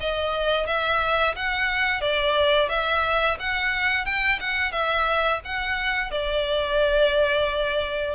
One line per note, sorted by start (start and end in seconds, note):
0.00 0.66 D#5
0.66 1.35 E5
1.35 2.01 F#5
2.01 2.69 D5
2.69 3.37 E5
3.39 4.05 F#5
4.05 4.39 G5
4.40 4.72 F#5
4.72 5.40 E5
5.44 6.11 F#5
6.11 8.14 D5